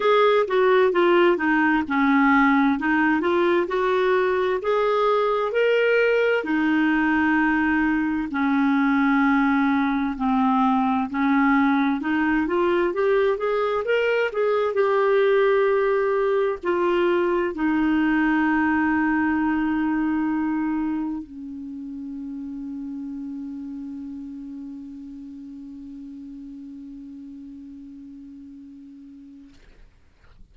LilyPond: \new Staff \with { instrumentName = "clarinet" } { \time 4/4 \tempo 4 = 65 gis'8 fis'8 f'8 dis'8 cis'4 dis'8 f'8 | fis'4 gis'4 ais'4 dis'4~ | dis'4 cis'2 c'4 | cis'4 dis'8 f'8 g'8 gis'8 ais'8 gis'8 |
g'2 f'4 dis'4~ | dis'2. cis'4~ | cis'1~ | cis'1 | }